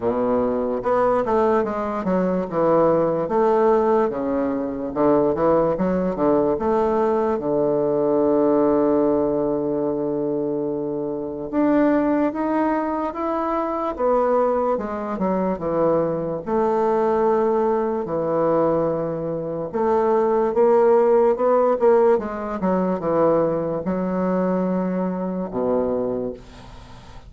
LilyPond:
\new Staff \with { instrumentName = "bassoon" } { \time 4/4 \tempo 4 = 73 b,4 b8 a8 gis8 fis8 e4 | a4 cis4 d8 e8 fis8 d8 | a4 d2.~ | d2 d'4 dis'4 |
e'4 b4 gis8 fis8 e4 | a2 e2 | a4 ais4 b8 ais8 gis8 fis8 | e4 fis2 b,4 | }